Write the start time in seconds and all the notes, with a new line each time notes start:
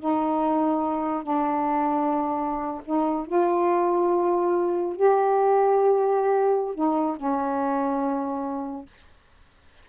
0.00 D#4
1.23 D4
2.85 D#4
3.27 F4
4.96 G4
6.75 D#4
7.17 C#4